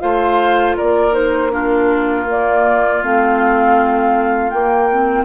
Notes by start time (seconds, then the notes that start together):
0.00 A3 F4 C5 F5
0.77 A#3 A#4 D5
1.12 D#4 C5
1.51 D4 F4 A#4
2.29 A#3 D5
3.02 A3 C4 F5
4.50 A#3 G5
4.92 C4